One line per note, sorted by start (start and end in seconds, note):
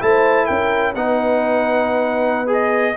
0.00 0.49 A3
0.00 0.94 E4
0.00 0.46 C5
0.00 0.46 A5
0.46 0.95 C#4
0.46 0.94 A#4
0.46 0.93 G5
0.95 2.96 B3
0.95 2.47 D#4
0.95 2.97 B4
0.95 2.49 F#5
2.47 2.94 G#4
2.47 2.97 D#5